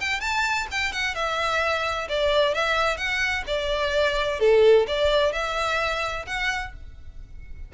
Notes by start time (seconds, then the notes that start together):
0.00 G5
0.20 A5
0.71 G5
0.92 F#5
1.15 E5
2.09 D5
2.54 E5
2.97 F#5
3.47 D5
4.40 A4
4.87 D5
5.32 E5
6.26 F#5